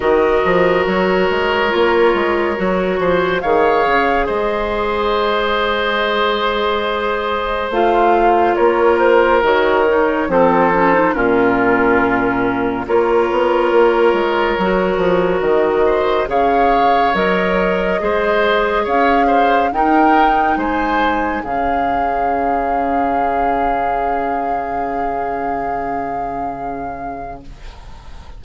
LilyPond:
<<
  \new Staff \with { instrumentName = "flute" } { \time 4/4 \tempo 4 = 70 dis''4 cis''2. | f''4 dis''2.~ | dis''4 f''4 cis''8 c''8 cis''4 | c''4 ais'2 cis''4~ |
cis''2 dis''4 f''4 | dis''2 f''4 g''4 | gis''4 f''2.~ | f''1 | }
  \new Staff \with { instrumentName = "oboe" } { \time 4/4 ais'2.~ ais'8 c''8 | cis''4 c''2.~ | c''2 ais'2 | a'4 f'2 ais'4~ |
ais'2~ ais'8 c''8 cis''4~ | cis''4 c''4 cis''8 c''8 ais'4 | c''4 gis'2.~ | gis'1 | }
  \new Staff \with { instrumentName = "clarinet" } { \time 4/4 fis'2 f'4 fis'4 | gis'1~ | gis'4 f'2 fis'8 dis'8 | c'8 cis'16 dis'16 cis'2 f'4~ |
f'4 fis'2 gis'4 | ais'4 gis'2 dis'4~ | dis'4 cis'2.~ | cis'1 | }
  \new Staff \with { instrumentName = "bassoon" } { \time 4/4 dis8 f8 fis8 gis8 ais8 gis8 fis8 f8 | dis8 cis8 gis2.~ | gis4 a4 ais4 dis4 | f4 ais,2 ais8 b8 |
ais8 gis8 fis8 f8 dis4 cis4 | fis4 gis4 cis'4 dis'4 | gis4 cis2.~ | cis1 | }
>>